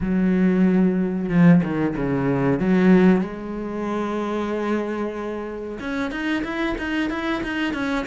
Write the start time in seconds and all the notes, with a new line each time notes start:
0.01 F#3
1.29 F3
1.63 D#3
1.96 C#3
2.59 F#3
3.21 G#3
5.80 C#4
6.11 D#4
6.43 E4
6.77 D#4
7.10 E4
7.43 D#4
7.73 C#4